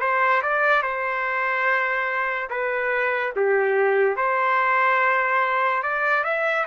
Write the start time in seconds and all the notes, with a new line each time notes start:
0.00 C5
0.42 D5
0.82 C5
2.50 B4
3.35 G4
4.16 C5
5.83 D5
6.24 E5